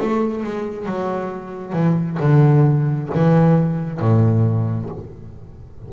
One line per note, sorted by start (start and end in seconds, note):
0.00 0.44 A3
0.44 0.86 G#3
0.86 1.73 F#3
1.73 2.18 E3
2.20 3.10 D3
3.15 4.00 E3
4.00 4.90 A2